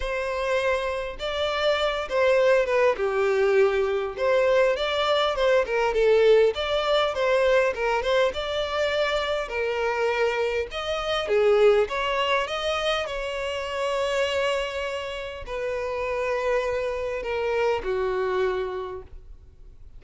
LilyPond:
\new Staff \with { instrumentName = "violin" } { \time 4/4 \tempo 4 = 101 c''2 d''4. c''8~ | c''8 b'8 g'2 c''4 | d''4 c''8 ais'8 a'4 d''4 | c''4 ais'8 c''8 d''2 |
ais'2 dis''4 gis'4 | cis''4 dis''4 cis''2~ | cis''2 b'2~ | b'4 ais'4 fis'2 | }